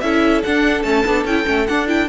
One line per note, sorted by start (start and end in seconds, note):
0.00 0.43 C#4
0.00 0.44 E4
0.00 2.09 A4
0.00 0.41 E5
0.43 0.83 D4
0.43 0.84 D4
0.43 0.82 F#5
0.82 1.04 A3
0.82 1.05 C#4
0.82 1.24 A5
1.06 1.25 B3
1.06 1.27 D4
1.25 1.45 C#4
1.25 1.45 E4
1.25 1.67 G5
1.45 1.69 A3
1.45 1.66 C#4
1.67 1.87 D4
1.67 2.09 D4
1.67 1.87 F#5
1.87 2.08 E4
1.87 2.09 G5